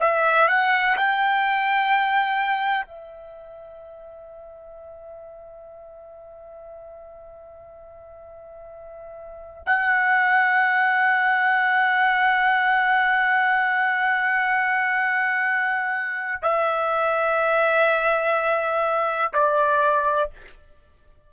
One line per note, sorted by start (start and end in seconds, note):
0.00 0.48 E5
0.48 0.97 F#5
0.97 2.86 G5
2.86 9.63 E5
9.66 16.43 F#5
16.43 19.33 E5
19.34 20.30 D5